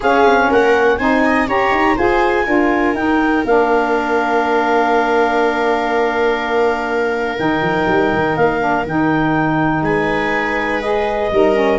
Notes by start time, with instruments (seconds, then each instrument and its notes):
0.00 saxophone C#4, tuba C#4, viola G#4, clarinet F5
0.26 tuba C4
0.49 tuba A#3, viola A#4, clarinet F#5
0.97 tuba C4, saxophone D#4, viola C5, clarinet G#5
1.25 viola D#5
1.47 tuba C#4, saxophone G4, viola C#5, clarinet A#5
1.71 tuba D#4
1.95 tuba F4, saxophone G#4, viola C5, clarinet G#5
2.45 tuba D4, saxophone F4, viola A#4
2.94 tuba D#4, saxophone D#4, clarinet G5
3.45 tuba A#3, saxophone D4, clarinet F5
7.37 tuba D#3, saxophone D#4, clarinet G5
7.61 tuba F3
7.87 tuba G3
8.13 tuba D#3
8.36 tuba A#3, clarinet F5
8.59 saxophone D4
8.85 tuba D#3, saxophone D#4, clarinet G5
9.82 tuba G#3, viola B4, clarinet G#5
10.81 saxophone G#4, clarinet D#5
11.31 tuba G3, saxophone D#4, viola A#4
11.54 saxophone C#4